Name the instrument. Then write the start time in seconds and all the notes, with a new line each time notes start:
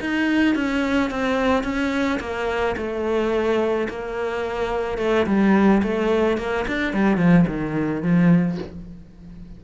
cello
0.00 D#4
0.55 C#4
1.10 C4
1.63 C#4
2.20 A#3
2.77 A3
3.89 A#3
4.98 A3
5.26 G3
5.82 A3
6.37 A#3
6.67 D4
6.93 G3
7.17 F3
7.47 D#3
8.02 F3